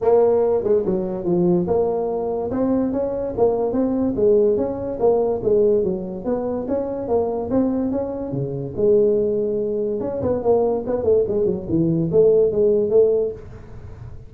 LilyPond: \new Staff \with { instrumentName = "tuba" } { \time 4/4 \tempo 4 = 144 ais4. gis8 fis4 f4 | ais2 c'4 cis'4 | ais4 c'4 gis4 cis'4 | ais4 gis4 fis4 b4 |
cis'4 ais4 c'4 cis'4 | cis4 gis2. | cis'8 b8 ais4 b8 a8 gis8 fis8 | e4 a4 gis4 a4 | }